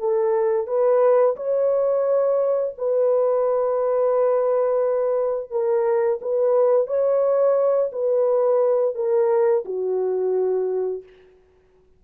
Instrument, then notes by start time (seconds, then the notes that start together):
horn
0.00 A4
0.67 B4
1.37 C#5
2.78 B4
5.51 A#4
6.22 B4
6.87 C#5
7.92 B4
8.96 A#4
9.66 F#4